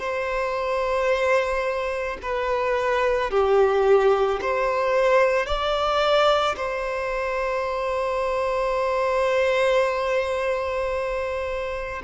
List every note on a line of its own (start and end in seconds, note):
0.00 2.18 C5
2.23 3.31 B4
3.31 4.40 G4
4.42 5.46 C5
5.46 6.56 D5
6.57 12.02 C5